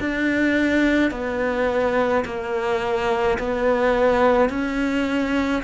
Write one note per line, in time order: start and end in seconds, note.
0.00 1.11 D4
1.11 2.24 B3
2.25 3.38 A#3
3.39 4.50 B3
4.50 5.63 C#4